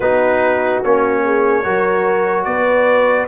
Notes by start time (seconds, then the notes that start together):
0.00 B3 D#4 F#4 B4
0.83 A#3 C#4 C#5
1.24 G#4
1.62 F#3 F#4 A#4
2.43 B3 B4 D5